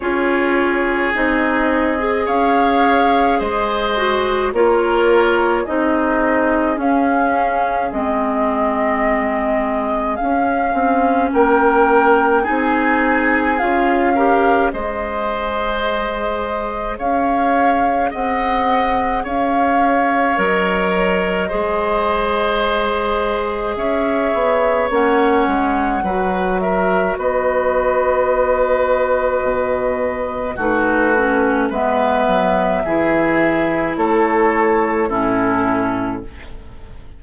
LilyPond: <<
  \new Staff \with { instrumentName = "flute" } { \time 4/4 \tempo 4 = 53 cis''4 dis''4 f''4 dis''4 | cis''4 dis''4 f''4 dis''4~ | dis''4 f''4 g''4 gis''4 | f''4 dis''2 f''4 |
fis''4 f''4 dis''2~ | dis''4 e''4 fis''4. e''8 | dis''2. b'4 | e''2 cis''4 a'4 | }
  \new Staff \with { instrumentName = "oboe" } { \time 4/4 gis'2 cis''4 c''4 | ais'4 gis'2.~ | gis'2 ais'4 gis'4~ | gis'8 ais'8 c''2 cis''4 |
dis''4 cis''2 c''4~ | c''4 cis''2 b'8 ais'8 | b'2. fis'4 | b'4 gis'4 a'4 e'4 | }
  \new Staff \with { instrumentName = "clarinet" } { \time 4/4 f'4 dis'8. gis'4.~ gis'16 fis'8 | f'4 dis'4 cis'4 c'4~ | c'4 cis'2 dis'4 | f'8 g'8 gis'2.~ |
gis'2 ais'4 gis'4~ | gis'2 cis'4 fis'4~ | fis'2. dis'8 cis'8 | b4 e'2 cis'4 | }
  \new Staff \with { instrumentName = "bassoon" } { \time 4/4 cis'4 c'4 cis'4 gis4 | ais4 c'4 cis'4 gis4~ | gis4 cis'8 c'8 ais4 c'4 | cis'4 gis2 cis'4 |
c'4 cis'4 fis4 gis4~ | gis4 cis'8 b8 ais8 gis8 fis4 | b2 b,4 a4 | gis8 fis8 e4 a4 a,4 | }
>>